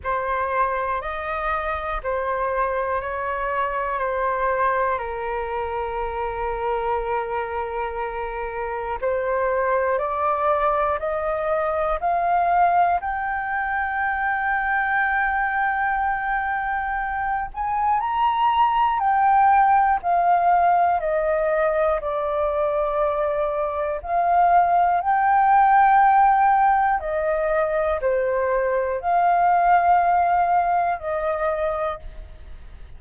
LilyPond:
\new Staff \with { instrumentName = "flute" } { \time 4/4 \tempo 4 = 60 c''4 dis''4 c''4 cis''4 | c''4 ais'2.~ | ais'4 c''4 d''4 dis''4 | f''4 g''2.~ |
g''4. gis''8 ais''4 g''4 | f''4 dis''4 d''2 | f''4 g''2 dis''4 | c''4 f''2 dis''4 | }